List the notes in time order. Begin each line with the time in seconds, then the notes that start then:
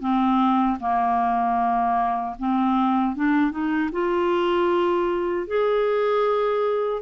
0.00 C4
0.80 A#3
2.39 C4
3.16 D4
3.51 D#4
3.92 F4
5.47 G#4